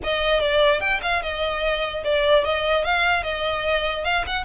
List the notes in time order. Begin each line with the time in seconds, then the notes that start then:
0.03 D#5
0.39 D5
0.80 G5
1.02 F5
1.22 D#5
2.04 D5
2.44 D#5
2.84 F5
3.23 D#5
4.04 F5
4.26 F#5